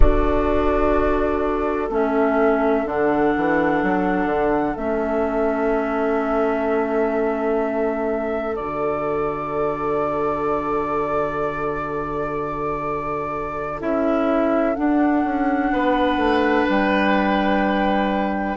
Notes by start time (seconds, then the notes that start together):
0.00 D4 F#4 A4 D5
1.89 A3 C#4 E5
2.85 D3 D4 F#5
3.37 E3
3.83 F#3
4.25 D3
4.76 A3 C#4 E5
8.55 D3 F#4 D5
13.79 C#4 E4 E5
14.75 D4 F#5
15.24 C#4
15.72 B3 B4
16.16 A3
16.69 G3 G5